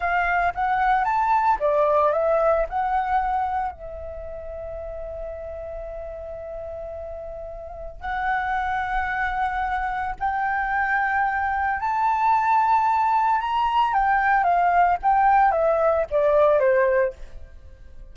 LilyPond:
\new Staff \with { instrumentName = "flute" } { \time 4/4 \tempo 4 = 112 f''4 fis''4 a''4 d''4 | e''4 fis''2 e''4~ | e''1~ | e''2. fis''4~ |
fis''2. g''4~ | g''2 a''2~ | a''4 ais''4 g''4 f''4 | g''4 e''4 d''4 c''4 | }